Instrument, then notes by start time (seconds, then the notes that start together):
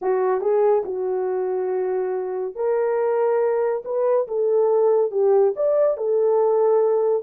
horn
0.01 F#4
0.40 G#4
0.85 F#4
2.55 A#4
3.84 B4
4.27 A4
5.11 G4
5.55 D5
5.97 A4